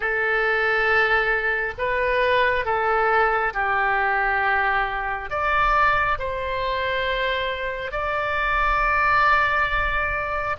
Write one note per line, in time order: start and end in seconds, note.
0.00 1.74 A4
1.78 2.65 B4
2.65 3.53 A4
3.53 5.29 G4
5.29 6.18 D5
6.18 7.91 C5
7.91 10.56 D5